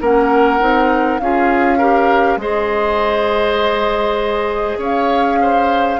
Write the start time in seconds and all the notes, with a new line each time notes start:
0.00 A#3 C#4 A#4 F#5
0.59 C4 D#4
1.19 C#4 F4 G#4 F5
1.78 G4 A#4
2.37 G#3 G#4 C5 D#5
4.77 C#4 C#5 F5
5.41 C5